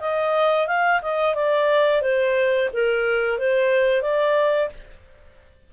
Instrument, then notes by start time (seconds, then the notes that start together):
clarinet
0.00 D#5
0.67 F5
1.02 D#5
1.35 D5
2.02 C5
2.73 A#4
3.38 C5
4.02 D5